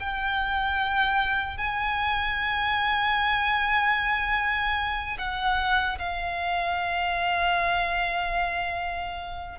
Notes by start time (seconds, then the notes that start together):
0.00 G5
1.57 G#5
5.19 F#5
5.99 F5